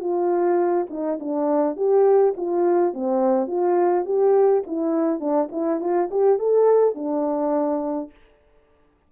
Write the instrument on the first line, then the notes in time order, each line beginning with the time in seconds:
horn
0.00 F4
0.90 D#4
1.20 D4
1.76 G4
2.37 F4
2.94 C4
3.47 F4
4.05 G4
4.67 E4
5.20 D4
5.51 E4
5.80 F4
6.11 G4
6.39 A4
6.95 D4